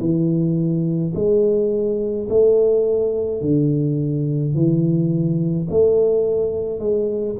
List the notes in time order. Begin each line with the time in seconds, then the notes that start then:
0.00 E3
1.15 G#3
2.30 A3
3.41 D3
4.54 E3
5.70 A3
6.79 G#3